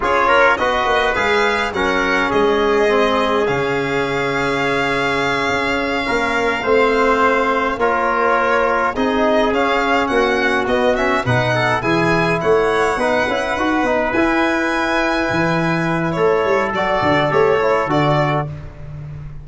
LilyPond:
<<
  \new Staff \with { instrumentName = "violin" } { \time 4/4 \tempo 4 = 104 cis''4 dis''4 f''4 fis''4 | dis''2 f''2~ | f''1~ | f''4. cis''2 dis''8~ |
dis''8 f''4 fis''4 dis''8 e''8 fis''8~ | fis''8 gis''4 fis''2~ fis''8~ | fis''8 gis''2.~ gis''8 | cis''4 d''4 cis''4 d''4 | }
  \new Staff \with { instrumentName = "trumpet" } { \time 4/4 gis'8 ais'8 b'2 ais'4 | gis'1~ | gis'2~ gis'8 ais'4 c''8~ | c''4. ais'2 gis'8~ |
gis'4. fis'2 b'8 | a'8 gis'4 cis''4 b'4.~ | b'1 | a'1 | }
  \new Staff \with { instrumentName = "trombone" } { \time 4/4 f'4 fis'4 gis'4 cis'4~ | cis'4 c'4 cis'2~ | cis'2.~ cis'8 c'8~ | c'4. f'2 dis'8~ |
dis'8 cis'2 b8 cis'8 dis'8~ | dis'8 e'2 dis'8 e'8 fis'8 | dis'8 e'2.~ e'8~ | e'4 fis'4 g'8 e'8 fis'4 | }
  \new Staff \with { instrumentName = "tuba" } { \time 4/4 cis'4 b8 ais8 gis4 fis4 | gis2 cis2~ | cis4. cis'4 ais4 a8~ | a4. ais2 c'8~ |
c'8 cis'4 ais4 b4 b,8~ | b,8 e4 a4 b8 cis'8 dis'8 | b8 e'2 e4. | a8 g8 fis8 d8 a4 d4 | }
>>